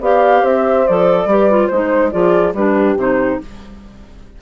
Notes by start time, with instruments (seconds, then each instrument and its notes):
0.00 bassoon B3, clarinet G4, horn D5, flute F5
0.42 bassoon C4, horn C5, flute E5
0.87 bassoon F3, clarinet A4, flute D5
1.25 bassoon G3, clarinet G4, horn B4
1.50 clarinet F4
1.67 bassoon G#3, clarinet D#4, flute C5, horn C5
2.11 bassoon F3, clarinet F4, horn G#4, flute D5
2.53 bassoon G3, clarinet D4, horn G4, flute B4
2.96 bassoon C3, clarinet D#4, flute C5